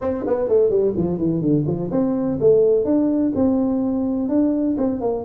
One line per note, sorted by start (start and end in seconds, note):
0.01 0.24 C4
0.26 0.48 B3
0.48 0.69 A3
0.69 0.93 G3
0.96 1.18 F3
1.18 1.41 E3
1.41 1.65 D3
1.66 1.90 F3
1.91 2.38 C4
2.39 2.84 A3
2.84 3.32 D4
3.35 4.29 C4
4.29 4.76 D4
4.77 5.00 C4
5.00 5.24 A#3